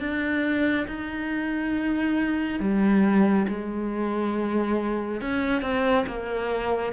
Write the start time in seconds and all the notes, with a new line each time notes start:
0.00 D4
0.88 D#4
2.60 G3
3.48 G#3
5.21 C#4
5.62 C4
6.07 A#3